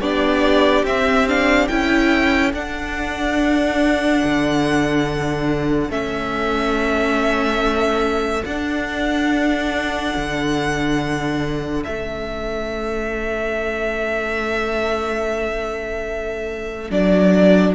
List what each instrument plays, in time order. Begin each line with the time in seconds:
0.00 cello B3, viola D4, violin G4 D5
0.83 cello C4, viola C4, violin E5
1.27 viola D4, violin F5
1.67 cello C#4, viola E4, violin A4 G5
2.53 cello D4, viola D4, violin F#5
4.24 cello D3
5.89 cello A3, viola C#4, violin E5
8.45 cello D4, viola D4, violin F#5
10.16 cello D3
11.83 cello A3, viola C#4, violin E5
16.90 cello F#3, viola D4, violin D5